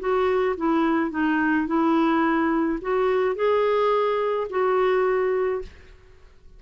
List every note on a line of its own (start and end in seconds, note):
0.00 0.56 F#4
0.57 1.11 E4
1.11 1.67 D#4
1.67 2.79 E4
2.82 3.36 F#4
3.36 4.48 G#4
4.50 5.62 F#4